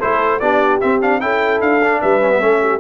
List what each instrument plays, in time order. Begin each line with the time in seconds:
0.00 tuba A3, trombone E4, horn A4, trumpet C5
0.40 tuba B3, trombone D4, horn G4, trumpet D5
0.81 trombone C4, tuba C4, trumpet E5
1.02 trombone D4, trumpet F5
1.21 tuba C#4, trombone E4, horn A4, trumpet G5
1.61 tuba D4, trumpet F5
1.84 trombone D4
2.01 tuba G3, horn B4, trumpet E5
2.21 trombone C#4
2.30 trombone B3
2.40 tuba A3, trombone C#4, horn A4
2.61 horn G4